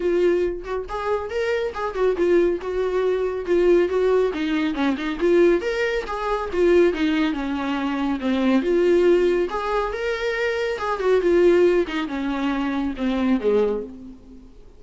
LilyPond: \new Staff \with { instrumentName = "viola" } { \time 4/4 \tempo 4 = 139 f'4. fis'8 gis'4 ais'4 | gis'8 fis'8 f'4 fis'2 | f'4 fis'4 dis'4 cis'8 dis'8 | f'4 ais'4 gis'4 f'4 |
dis'4 cis'2 c'4 | f'2 gis'4 ais'4~ | ais'4 gis'8 fis'8 f'4. dis'8 | cis'2 c'4 gis4 | }